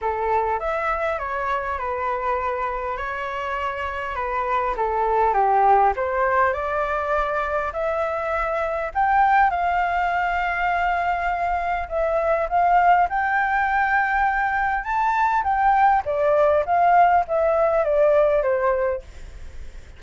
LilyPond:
\new Staff \with { instrumentName = "flute" } { \time 4/4 \tempo 4 = 101 a'4 e''4 cis''4 b'4~ | b'4 cis''2 b'4 | a'4 g'4 c''4 d''4~ | d''4 e''2 g''4 |
f''1 | e''4 f''4 g''2~ | g''4 a''4 g''4 d''4 | f''4 e''4 d''4 c''4 | }